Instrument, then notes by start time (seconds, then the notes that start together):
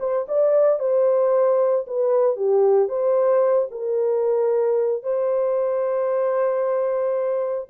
horn
0.00 C5
0.29 D5
0.80 C5
1.88 B4
2.37 G4
2.89 C5
3.71 A#4
5.03 C5